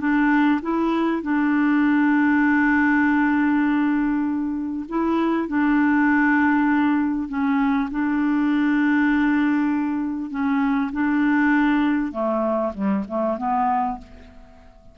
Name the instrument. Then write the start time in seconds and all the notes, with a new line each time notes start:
clarinet
0.00 D4
0.62 E4
1.23 D4
4.89 E4
5.48 D4
7.29 C#4
7.91 D4
10.30 C#4
10.92 D4
12.12 A3
12.74 G3
13.08 A3
13.37 B3